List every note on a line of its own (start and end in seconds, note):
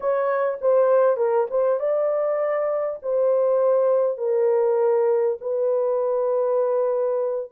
0.00 0.58 C#5
0.61 1.16 C5
1.16 1.46 A#4
1.50 1.79 C5
1.79 2.99 D5
3.02 4.17 C5
4.17 5.37 A#4
5.40 7.50 B4